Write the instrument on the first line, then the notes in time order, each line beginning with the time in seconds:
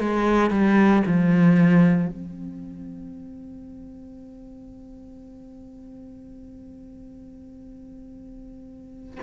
cello
0.00 G#3
0.50 G3
1.07 F3
2.08 C4